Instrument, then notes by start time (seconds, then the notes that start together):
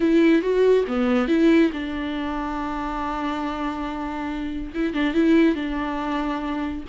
viola
0.00 E4
0.41 F#4
0.87 B3
1.28 E4
1.73 D4
4.74 E4
4.93 D4
5.14 E4
5.55 D4